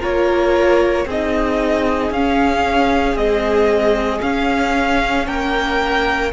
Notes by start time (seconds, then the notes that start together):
0.00 A#3 F4 A#4 C#5
1.06 C4 D#4 G#4 D#5
2.11 C#4 F5
3.15 G#3 C4 D#5
4.22 C#4 F5
5.27 A#3 A#4 G5